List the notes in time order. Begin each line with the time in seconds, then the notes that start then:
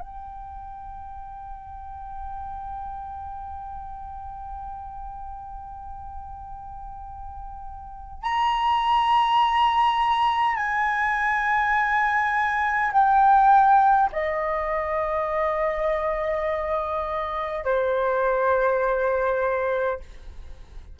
0.00 G5
8.22 A#5
10.56 G#5
12.93 G5
14.12 D#5
17.64 C5